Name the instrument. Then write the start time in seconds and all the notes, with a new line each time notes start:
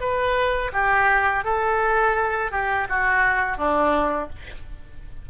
oboe
0.00 B4
0.72 G4
1.44 A4
2.51 G4
2.89 F#4
3.57 D4